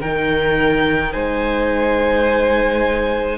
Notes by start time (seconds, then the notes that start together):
0.00 D#3 D#4 A#4 G5
1.12 G#3 C5 G#5